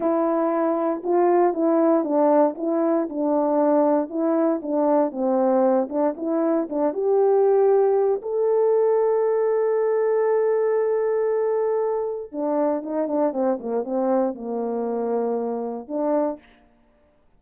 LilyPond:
\new Staff \with { instrumentName = "horn" } { \time 4/4 \tempo 4 = 117 e'2 f'4 e'4 | d'4 e'4 d'2 | e'4 d'4 c'4. d'8 | e'4 d'8 g'2~ g'8 |
a'1~ | a'1 | d'4 dis'8 d'8 c'8 ais8 c'4 | ais2. d'4 | }